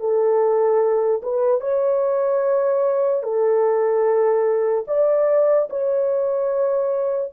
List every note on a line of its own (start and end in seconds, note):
0.00 1.22 A4
1.23 1.61 B4
1.61 3.23 C#5
3.23 4.85 A4
4.88 5.69 D5
5.70 7.32 C#5